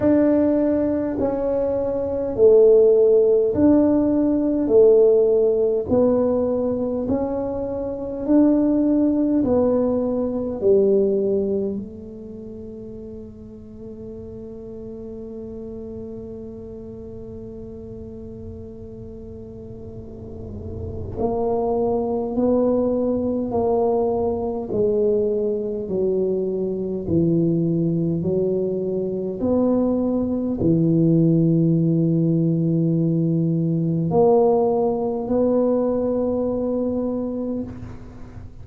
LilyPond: \new Staff \with { instrumentName = "tuba" } { \time 4/4 \tempo 4 = 51 d'4 cis'4 a4 d'4 | a4 b4 cis'4 d'4 | b4 g4 a2~ | a1~ |
a2 ais4 b4 | ais4 gis4 fis4 e4 | fis4 b4 e2~ | e4 ais4 b2 | }